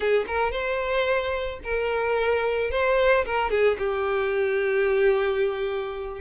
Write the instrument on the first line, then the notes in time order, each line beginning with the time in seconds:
violin
0.00 G#4
0.27 A#4
0.51 C5
1.63 A#4
2.70 C5
3.25 A#4
3.50 G#4
3.78 G4